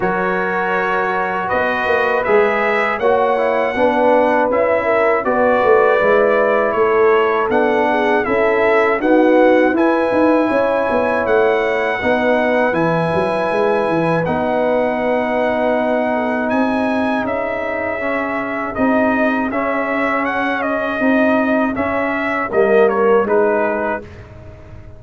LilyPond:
<<
  \new Staff \with { instrumentName = "trumpet" } { \time 4/4 \tempo 4 = 80 cis''2 dis''4 e''4 | fis''2 e''4 d''4~ | d''4 cis''4 fis''4 e''4 | fis''4 gis''2 fis''4~ |
fis''4 gis''2 fis''4~ | fis''2 gis''4 e''4~ | e''4 dis''4 e''4 fis''8 dis''8~ | dis''4 e''4 dis''8 cis''8 b'4 | }
  \new Staff \with { instrumentName = "horn" } { \time 4/4 ais'2 b'2 | cis''4 b'4. ais'8 b'4~ | b'4 a'4. gis'8 a'4 | fis'4 b'4 cis''2 |
b'1~ | b'4. a'8 gis'2~ | gis'1~ | gis'2 ais'4 gis'4 | }
  \new Staff \with { instrumentName = "trombone" } { \time 4/4 fis'2. gis'4 | fis'8 e'8 d'4 e'4 fis'4 | e'2 d'4 e'4 | b4 e'2. |
dis'4 e'2 dis'4~ | dis'1 | cis'4 dis'4 cis'2 | dis'4 cis'4 ais4 dis'4 | }
  \new Staff \with { instrumentName = "tuba" } { \time 4/4 fis2 b8 ais8 gis4 | ais4 b4 cis'4 b8 a8 | gis4 a4 b4 cis'4 | dis'4 e'8 dis'8 cis'8 b8 a4 |
b4 e8 fis8 gis8 e8 b4~ | b2 c'4 cis'4~ | cis'4 c'4 cis'2 | c'4 cis'4 g4 gis4 | }
>>